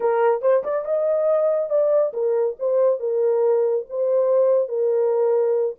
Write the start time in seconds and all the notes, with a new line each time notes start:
0.00 A#4
0.41 C5
0.63 D5
0.85 D#5
1.69 D5
2.13 A#4
2.59 C5
2.99 A#4
3.89 C5
4.68 A#4